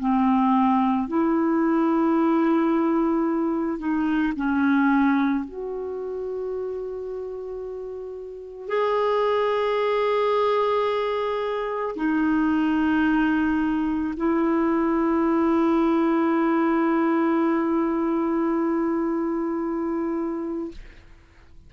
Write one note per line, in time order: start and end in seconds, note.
0.00 1.08 C4
1.08 3.78 E4
3.78 4.33 D#4
4.36 5.44 C#4
5.44 8.68 F#4
8.68 11.96 G#4
11.96 14.14 D#4
14.17 20.71 E4